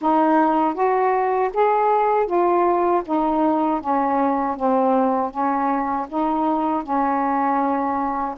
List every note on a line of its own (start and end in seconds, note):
0.01 0.74 D#4
0.74 1.50 F#4
1.53 2.26 G#4
2.26 3.02 F4
3.05 3.80 D#4
3.80 4.56 C#4
4.56 5.31 C4
5.31 6.07 C#4
6.08 6.83 D#4
6.83 8.35 C#4